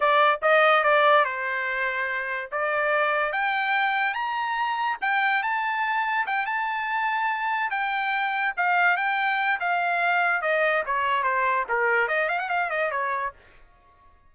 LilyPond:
\new Staff \with { instrumentName = "trumpet" } { \time 4/4 \tempo 4 = 144 d''4 dis''4 d''4 c''4~ | c''2 d''2 | g''2 ais''2 | g''4 a''2 g''8 a''8~ |
a''2~ a''8 g''4.~ | g''8 f''4 g''4. f''4~ | f''4 dis''4 cis''4 c''4 | ais'4 dis''8 f''16 fis''16 f''8 dis''8 cis''4 | }